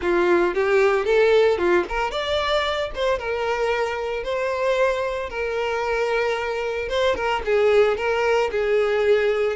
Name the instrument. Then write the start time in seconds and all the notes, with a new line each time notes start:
violin
0.01 F4
0.54 G4
1.05 A4
1.58 F4
1.88 A#4
2.11 D5
2.94 C5
3.18 A#4
4.23 C5
5.29 A#4
6.88 C5
7.15 A#4
7.45 G#4
7.97 A#4
8.51 G#4